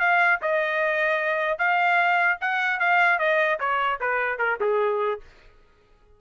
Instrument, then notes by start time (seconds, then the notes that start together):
trumpet
0.00 F5
0.42 D#5
1.59 F5
2.41 F#5
2.80 F5
3.19 D#5
3.60 C#5
4.01 B4
4.39 A#4
4.61 G#4